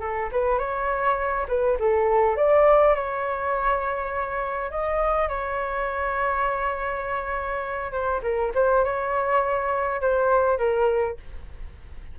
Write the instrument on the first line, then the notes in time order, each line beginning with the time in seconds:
flute
0.00 A4
0.31 B4
0.58 C#5
1.48 B4
1.79 A4
2.36 D5
2.95 C#5
4.70 D#5
5.28 C#5
7.91 C5
8.22 A#4
8.54 C5
8.84 C#5
10.01 C5
10.58 A#4